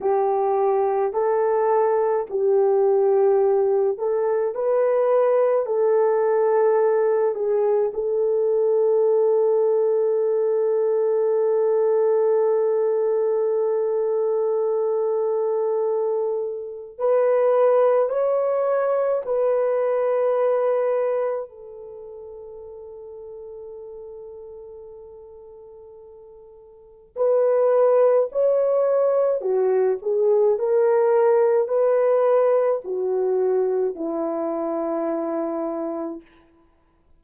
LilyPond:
\new Staff \with { instrumentName = "horn" } { \time 4/4 \tempo 4 = 53 g'4 a'4 g'4. a'8 | b'4 a'4. gis'8 a'4~ | a'1~ | a'2. b'4 |
cis''4 b'2 a'4~ | a'1 | b'4 cis''4 fis'8 gis'8 ais'4 | b'4 fis'4 e'2 | }